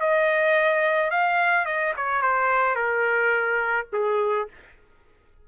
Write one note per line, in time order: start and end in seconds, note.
0.00 1.10 D#5
1.10 1.65 F5
1.65 1.93 D#5
1.96 2.21 C#5
2.21 2.75 C5
2.75 3.86 A#4
3.92 4.48 G#4